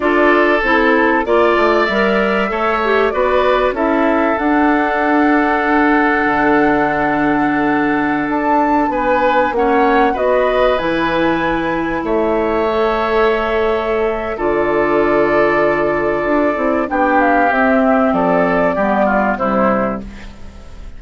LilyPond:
<<
  \new Staff \with { instrumentName = "flute" } { \time 4/4 \tempo 4 = 96 d''4 a'4 d''4 e''4~ | e''4 d''4 e''4 fis''4~ | fis''1~ | fis''4~ fis''16 a''4 gis''4 fis''8.~ |
fis''16 dis''4 gis''2 e''8.~ | e''2. d''4~ | d''2. g''8 f''8 | e''4 d''2 c''4 | }
  \new Staff \with { instrumentName = "oboe" } { \time 4/4 a'2 d''2 | cis''4 b'4 a'2~ | a'1~ | a'2~ a'16 b'4 cis''8.~ |
cis''16 b'2. cis''8.~ | cis''2. a'4~ | a'2. g'4~ | g'4 a'4 g'8 f'8 e'4 | }
  \new Staff \with { instrumentName = "clarinet" } { \time 4/4 f'4 e'4 f'4 ais'4 | a'8 g'8 fis'4 e'4 d'4~ | d'1~ | d'2.~ d'16 cis'8.~ |
cis'16 fis'4 e'2~ e'8.~ | e'16 a'2~ a'8. f'4~ | f'2~ f'8 e'8 d'4 | c'2 b4 g4 | }
  \new Staff \with { instrumentName = "bassoon" } { \time 4/4 d'4 c'4 ais8 a8 g4 | a4 b4 cis'4 d'4~ | d'2 d2~ | d4~ d16 d'4 b4 ais8.~ |
ais16 b4 e2 a8.~ | a2. d4~ | d2 d'8 c'8 b4 | c'4 f4 g4 c4 | }
>>